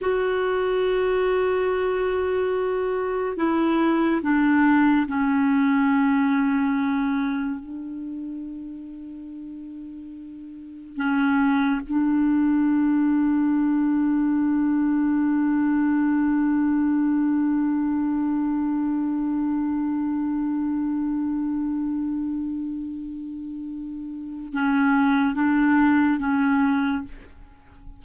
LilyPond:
\new Staff \with { instrumentName = "clarinet" } { \time 4/4 \tempo 4 = 71 fis'1 | e'4 d'4 cis'2~ | cis'4 d'2.~ | d'4 cis'4 d'2~ |
d'1~ | d'1~ | d'1~ | d'4 cis'4 d'4 cis'4 | }